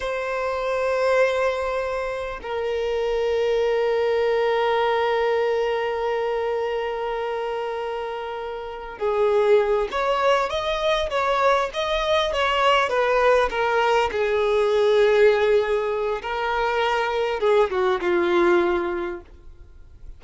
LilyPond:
\new Staff \with { instrumentName = "violin" } { \time 4/4 \tempo 4 = 100 c''1 | ais'1~ | ais'1~ | ais'2. gis'4~ |
gis'8 cis''4 dis''4 cis''4 dis''8~ | dis''8 cis''4 b'4 ais'4 gis'8~ | gis'2. ais'4~ | ais'4 gis'8 fis'8 f'2 | }